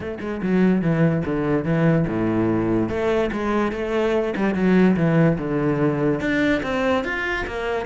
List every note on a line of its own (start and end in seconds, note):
0.00 0.18 A3
0.20 0.41 G#3
0.42 0.81 F#3
0.81 1.23 E3
1.25 1.64 D3
1.64 2.05 E3
2.07 2.89 A2
2.89 3.30 A3
3.31 3.72 G#3
3.72 4.34 A3
4.36 4.54 G3
4.54 4.96 F#3
4.96 5.37 E3
5.38 6.20 D3
6.20 6.61 D4
6.62 7.04 C4
7.04 7.45 F4
7.47 7.86 A#3